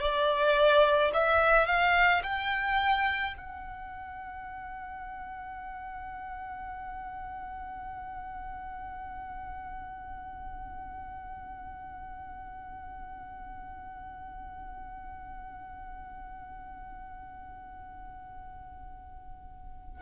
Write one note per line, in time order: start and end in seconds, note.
0.00 1.11 D5
1.14 1.66 E5
1.66 2.22 F5
2.23 3.34 G5
3.37 20.02 F#5